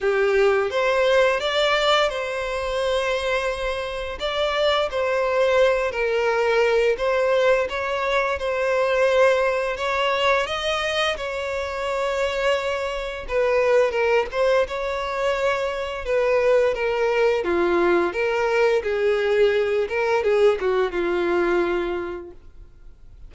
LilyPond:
\new Staff \with { instrumentName = "violin" } { \time 4/4 \tempo 4 = 86 g'4 c''4 d''4 c''4~ | c''2 d''4 c''4~ | c''8 ais'4. c''4 cis''4 | c''2 cis''4 dis''4 |
cis''2. b'4 | ais'8 c''8 cis''2 b'4 | ais'4 f'4 ais'4 gis'4~ | gis'8 ais'8 gis'8 fis'8 f'2 | }